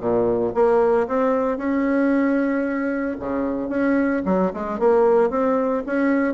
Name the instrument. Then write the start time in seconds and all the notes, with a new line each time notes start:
bassoon
0.00 A#2
0.54 A#3
1.08 C4
1.58 C#4
3.20 C#3
3.69 C#4
4.25 F#3
4.53 G#3
4.79 A#3
5.30 C4
5.86 C#4